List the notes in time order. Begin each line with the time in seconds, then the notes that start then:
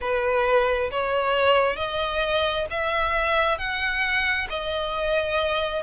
0.00 B4
0.91 C#5
1.76 D#5
2.70 E5
3.58 F#5
4.49 D#5